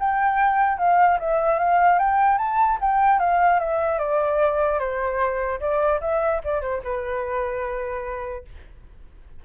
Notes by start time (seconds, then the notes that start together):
0.00 G5
0.79 F5
1.20 E5
1.59 F5
1.99 G5
2.38 A5
2.81 G5
3.20 F5
3.60 E5
3.99 D5
4.80 C5
5.61 D5
6.01 E5
6.44 D5
6.62 C5
6.84 B4